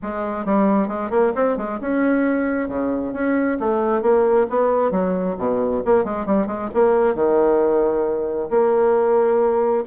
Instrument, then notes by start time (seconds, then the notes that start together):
bassoon
0.02 G#3
0.45 G3
0.88 G#3
1.10 A#3
1.35 C4
1.57 G#3
1.80 C#4
2.68 C#3
3.13 C#4
3.59 A3
4.02 A#3
4.49 B3
4.91 F#3
5.38 B2
5.85 A#3
6.04 G#3
6.25 G3
6.46 G#3
6.74 A#3
7.14 D#3
8.50 A#3